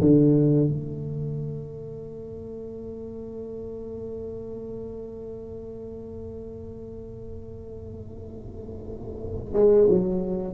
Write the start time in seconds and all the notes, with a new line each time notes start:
0.00 D3
0.68 A3
9.53 G#3
9.88 F#3